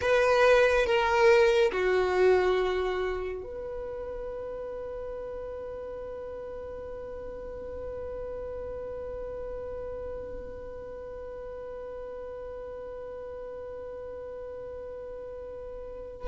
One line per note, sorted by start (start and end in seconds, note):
0.01 0.86 B4
0.86 1.71 A#4
1.71 3.43 F#4
3.43 16.27 B4